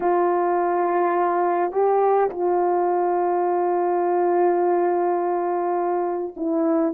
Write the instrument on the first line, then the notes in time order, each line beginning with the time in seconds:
horn
0.00 F4
1.72 G4
2.29 F4
6.36 E4